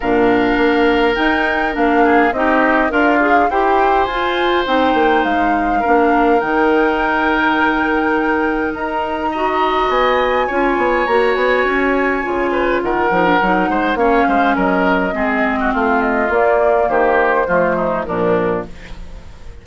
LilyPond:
<<
  \new Staff \with { instrumentName = "flute" } { \time 4/4 \tempo 4 = 103 f''2 g''4 f''4 | dis''4 f''4 g''4 gis''4 | g''4 f''2 g''4~ | g''2. ais''4~ |
ais''4 gis''2 ais''8 gis''8~ | gis''2 fis''2 | f''4 dis''2 f''8 dis''8 | d''4 c''2 ais'4 | }
  \new Staff \with { instrumentName = "oboe" } { \time 4/4 ais'2.~ ais'8 gis'8 | g'4 f'4 c''2~ | c''2 ais'2~ | ais'1 |
dis''2 cis''2~ | cis''4. b'8 ais'4. c''8 | cis''8 c''8 ais'4 gis'8. fis'16 f'4~ | f'4 g'4 f'8 dis'8 d'4 | }
  \new Staff \with { instrumentName = "clarinet" } { \time 4/4 d'2 dis'4 d'4 | dis'4 ais'8 gis'8 g'4 f'4 | dis'2 d'4 dis'4~ | dis'1 |
fis'2 f'4 fis'4~ | fis'4 f'4. dis'16 d'16 dis'4 | cis'2 c'2 | ais2 a4 f4 | }
  \new Staff \with { instrumentName = "bassoon" } { \time 4/4 ais,4 ais4 dis'4 ais4 | c'4 d'4 e'4 f'4 | c'8 ais8 gis4 ais4 dis4~ | dis2. dis'4~ |
dis'4 b4 cis'8 b8 ais8 b8 | cis'4 cis4 dis8 f8 fis8 gis8 | ais8 gis8 fis4 gis4 a4 | ais4 dis4 f4 ais,4 | }
>>